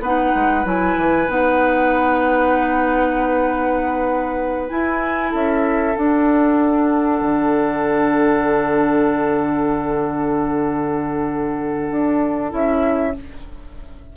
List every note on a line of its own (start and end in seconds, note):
0.00 0.31 B3
0.00 0.64 D#4
0.00 5.30 B4
0.00 0.66 F#5
0.35 0.65 G#3
0.64 0.96 F#3
0.64 1.27 E4
0.64 1.29 G#5
0.97 1.28 E3
1.28 4.71 B3
1.28 4.69 D#4
1.28 4.70 F#5
4.69 5.94 E4
4.69 5.33 E4
4.69 5.32 G#5
5.30 5.96 C#4
5.30 13.11 A4
5.30 5.96 E5
5.96 12.50 D4
5.96 7.21 D4
5.96 12.52 F#5
7.21 11.90 D3
11.91 12.53 D4
12.50 13.16 C#4
12.50 13.13 E4
12.50 13.16 E5